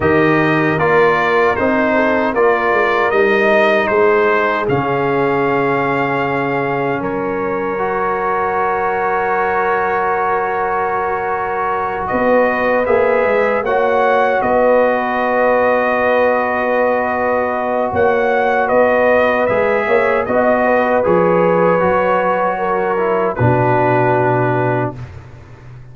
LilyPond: <<
  \new Staff \with { instrumentName = "trumpet" } { \time 4/4 \tempo 4 = 77 dis''4 d''4 c''4 d''4 | dis''4 c''4 f''2~ | f''4 cis''2.~ | cis''2.~ cis''8 dis''8~ |
dis''8 e''4 fis''4 dis''4.~ | dis''2. fis''4 | dis''4 e''4 dis''4 cis''4~ | cis''2 b'2 | }
  \new Staff \with { instrumentName = "horn" } { \time 4/4 ais'2~ ais'8 a'8 ais'4~ | ais'4 gis'2.~ | gis'4 ais'2.~ | ais'2.~ ais'8 b'8~ |
b'4. cis''4 b'4.~ | b'2. cis''4 | b'4. cis''8 dis''8 b'4.~ | b'4 ais'4 fis'2 | }
  \new Staff \with { instrumentName = "trombone" } { \time 4/4 g'4 f'4 dis'4 f'4 | dis'2 cis'2~ | cis'2 fis'2~ | fis'1~ |
fis'8 gis'4 fis'2~ fis'8~ | fis'1~ | fis'4 gis'4 fis'4 gis'4 | fis'4. e'8 d'2 | }
  \new Staff \with { instrumentName = "tuba" } { \time 4/4 dis4 ais4 c'4 ais8 gis8 | g4 gis4 cis2~ | cis4 fis2.~ | fis2.~ fis8 b8~ |
b8 ais8 gis8 ais4 b4.~ | b2. ais4 | b4 gis8 ais8 b4 f4 | fis2 b,2 | }
>>